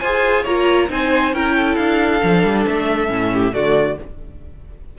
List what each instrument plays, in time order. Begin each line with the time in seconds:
0.00 cello F4, viola G#4, violin C5 G#5
0.43 cello A#3, viola F4, violin C#5 A#5
0.89 cello C4, viola D#4, violin C5 G#5
1.33 cello C#4, viola E4, violin A#4 G5
1.56 violin A4
1.76 cello D4, violin F5
2.21 cello F3, viola D4
2.44 cello G3
2.67 cello A3, violin E5
3.08 cello A2, viola C#4
3.32 violin G4
3.53 cello D3, viola A3, violin F#4 D5